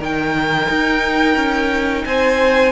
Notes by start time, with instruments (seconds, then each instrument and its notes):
0.00 cello D#3, viola D#4, violin A#4 G5
0.70 cello D#4
1.36 cello C#4
2.05 cello C4, violin C5 G#5